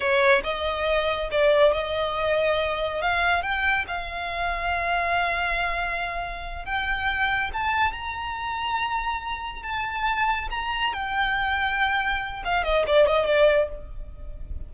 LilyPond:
\new Staff \with { instrumentName = "violin" } { \time 4/4 \tempo 4 = 140 cis''4 dis''2 d''4 | dis''2. f''4 | g''4 f''2.~ | f''2.~ f''8 g''8~ |
g''4. a''4 ais''4.~ | ais''2~ ais''8 a''4.~ | a''8 ais''4 g''2~ g''8~ | g''4 f''8 dis''8 d''8 dis''8 d''4 | }